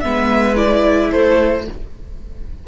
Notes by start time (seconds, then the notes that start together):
0.00 G#3 B3 B4 E5
0.56 E4 D5
1.11 A3 A4 C5